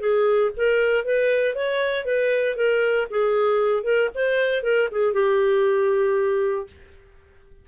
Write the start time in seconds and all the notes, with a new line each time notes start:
0.00 G#4
0.57 A#4
1.05 B4
1.55 C#5
2.05 B4
2.56 A#4
3.10 G#4
3.83 A#4
4.15 C5
4.63 A#4
4.92 G#4
5.13 G4